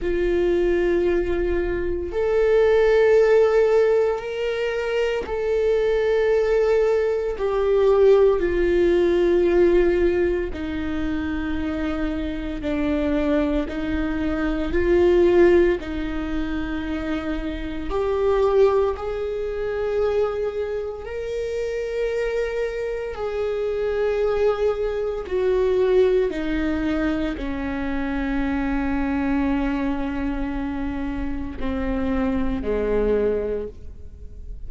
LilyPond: \new Staff \with { instrumentName = "viola" } { \time 4/4 \tempo 4 = 57 f'2 a'2 | ais'4 a'2 g'4 | f'2 dis'2 | d'4 dis'4 f'4 dis'4~ |
dis'4 g'4 gis'2 | ais'2 gis'2 | fis'4 dis'4 cis'2~ | cis'2 c'4 gis4 | }